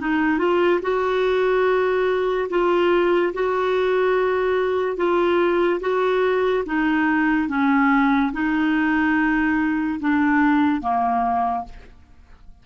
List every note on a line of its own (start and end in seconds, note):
0.00 0.38 D#4
0.38 0.80 F4
0.81 2.48 F#4
2.49 3.33 F4
3.33 4.96 F#4
4.96 5.80 F4
5.80 6.64 F#4
6.66 7.48 D#4
7.48 8.31 C#4
8.33 9.99 D#4
10.00 10.81 D4
10.81 11.64 A#3